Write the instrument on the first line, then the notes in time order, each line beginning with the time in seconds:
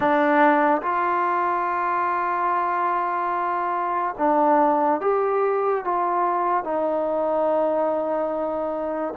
trombone
0.00 D4
0.81 F4
4.18 D4
5.00 G4
5.84 F4
6.64 D#4